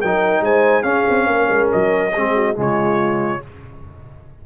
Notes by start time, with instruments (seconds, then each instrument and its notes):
0.00 tuba F#3, trombone D#4, horn A#4, trumpet G5
0.41 tuba G#3, horn C5, trumpet G#5
0.83 trombone C#4, tuba C#4, horn G#4, trumpet F5
1.09 tuba C4
1.27 tuba A#3, horn A#4
1.49 tuba G#3
1.72 tuba F#3, trumpet D#5
2.13 tuba G#3, trombone C4, horn G#4
2.35 horn F#4
2.55 tuba C#3, trombone G#3, horn F4, trumpet C#5